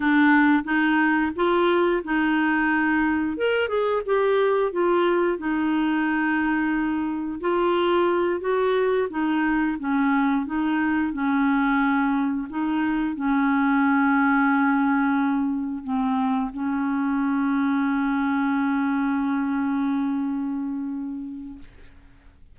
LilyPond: \new Staff \with { instrumentName = "clarinet" } { \time 4/4 \tempo 4 = 89 d'4 dis'4 f'4 dis'4~ | dis'4 ais'8 gis'8 g'4 f'4 | dis'2. f'4~ | f'8 fis'4 dis'4 cis'4 dis'8~ |
dis'8 cis'2 dis'4 cis'8~ | cis'2.~ cis'8 c'8~ | c'8 cis'2.~ cis'8~ | cis'1 | }